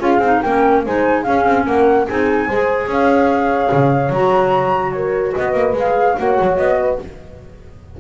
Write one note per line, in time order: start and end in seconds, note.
0.00 0.19 C#4
0.00 0.21 F4
0.00 0.41 G#4
0.00 0.42 F5
0.19 0.39 C4
0.19 0.45 D#4
0.42 0.86 A#3
0.42 0.86 C#4
0.42 0.84 A#4
0.42 0.83 G5
0.85 1.27 G#3
0.85 1.25 D#4
0.85 1.23 C5
0.85 1.24 G#5
1.23 2.07 C#4
1.23 1.45 C#4
1.23 1.65 G#4
1.23 1.65 F5
1.45 1.66 C4
1.66 2.08 A#3
1.66 2.08 A#4
1.66 2.07 F#5
2.08 2.48 C4
2.08 2.50 D#4
2.08 2.47 G#4
2.08 2.90 G#5
2.47 2.87 G#3
2.47 4.15 G#4
2.47 2.88 C5
2.87 3.69 C#4
2.87 4.95 C#5
2.87 4.12 F5
3.72 4.10 C#3
4.10 5.33 F#3
4.10 5.77 F#4
4.10 4.92 A#5
4.92 5.36 A#4
4.92 5.33 C#5
5.35 5.54 B3
5.35 6.18 B4
5.35 5.76 D#5
5.54 5.73 A#3
5.73 6.14 G#3
5.73 6.17 G#4
5.73 6.19 F5
6.17 6.39 A#3
6.17 7.00 F#4
6.17 6.80 C#5
6.17 6.58 F#5
6.41 6.58 F#3
6.58 6.99 B3
6.58 6.99 D#5
6.80 7.01 B4